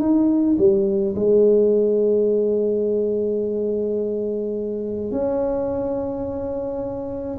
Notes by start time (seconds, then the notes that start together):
0.00 D#4
0.58 G3
1.15 G#3
5.11 C#4